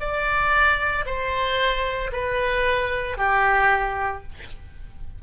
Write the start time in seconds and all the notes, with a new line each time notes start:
0.00 D5
1.06 C5
2.12 B4
3.17 G4